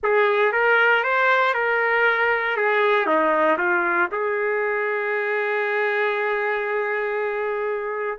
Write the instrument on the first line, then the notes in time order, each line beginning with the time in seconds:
trumpet
0.03 G#4
0.52 A#4
1.03 C5
1.54 A#4
2.56 G#4
3.06 D#4
3.58 F4
4.11 G#4